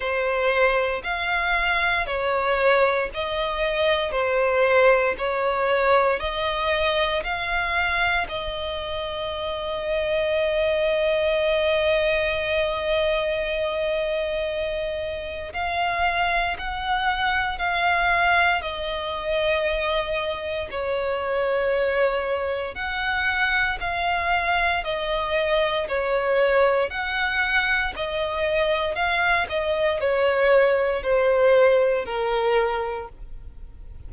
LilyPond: \new Staff \with { instrumentName = "violin" } { \time 4/4 \tempo 4 = 58 c''4 f''4 cis''4 dis''4 | c''4 cis''4 dis''4 f''4 | dis''1~ | dis''2. f''4 |
fis''4 f''4 dis''2 | cis''2 fis''4 f''4 | dis''4 cis''4 fis''4 dis''4 | f''8 dis''8 cis''4 c''4 ais'4 | }